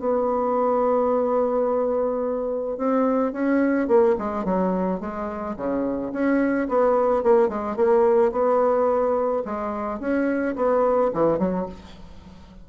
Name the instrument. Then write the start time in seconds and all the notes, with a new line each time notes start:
bassoon
0.00 B3
2.78 C4
3.33 C#4
3.88 A#3
4.19 G#3
4.45 F#3
5.01 G#3
5.57 C#3
6.13 C#4
6.69 B3
7.23 A#3
7.49 G#3
7.77 A#3
8.32 B3
9.45 G#3
10.00 C#4
10.56 B3
11.14 E3
11.39 F#3